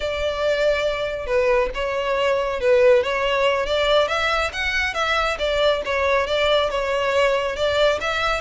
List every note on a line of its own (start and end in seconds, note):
0.00 1.26 D5
1.26 1.69 B4
1.74 2.60 C#5
2.60 3.03 B4
3.03 3.66 C#5
3.66 4.08 D5
4.08 4.51 E5
4.52 4.94 F#5
4.94 5.37 E5
5.38 5.82 D5
5.85 6.26 C#5
6.26 6.69 D5
6.69 7.56 C#5
7.56 7.99 D5
8.00 8.40 E5